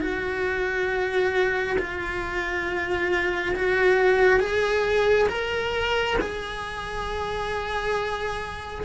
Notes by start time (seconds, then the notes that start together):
0.00 F#4
1.78 F4
3.55 F#4
4.40 G#4
5.29 A#4
6.20 G#4